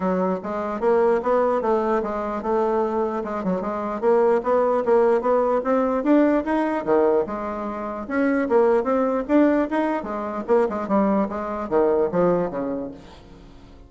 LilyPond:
\new Staff \with { instrumentName = "bassoon" } { \time 4/4 \tempo 4 = 149 fis4 gis4 ais4 b4 | a4 gis4 a2 | gis8 fis8 gis4 ais4 b4 | ais4 b4 c'4 d'4 |
dis'4 dis4 gis2 | cis'4 ais4 c'4 d'4 | dis'4 gis4 ais8 gis8 g4 | gis4 dis4 f4 cis4 | }